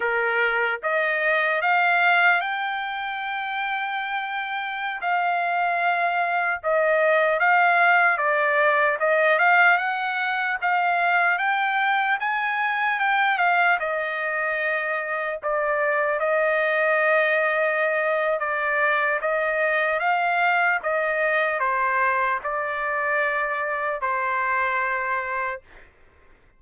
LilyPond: \new Staff \with { instrumentName = "trumpet" } { \time 4/4 \tempo 4 = 75 ais'4 dis''4 f''4 g''4~ | g''2~ g''16 f''4.~ f''16~ | f''16 dis''4 f''4 d''4 dis''8 f''16~ | f''16 fis''4 f''4 g''4 gis''8.~ |
gis''16 g''8 f''8 dis''2 d''8.~ | d''16 dis''2~ dis''8. d''4 | dis''4 f''4 dis''4 c''4 | d''2 c''2 | }